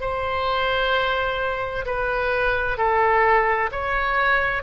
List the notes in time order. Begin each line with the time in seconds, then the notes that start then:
0.00 C5
1.85 B4
2.77 A4
3.71 C#5